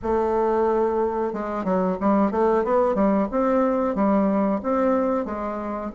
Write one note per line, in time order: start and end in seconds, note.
0.02 1.33 A3
1.33 1.64 G#3
1.64 1.97 F#3
2.00 2.31 G3
2.31 2.64 A3
2.64 2.94 B3
2.94 3.27 G3
3.31 3.95 C4
3.95 4.61 G3
4.62 5.25 C4
5.25 5.91 G#3